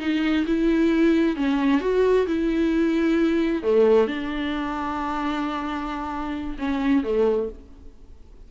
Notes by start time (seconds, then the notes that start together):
0.00 D#4
0.47 E4
1.36 C#4
1.81 F#4
2.27 E4
3.63 A3
4.07 D4
6.59 C#4
7.04 A3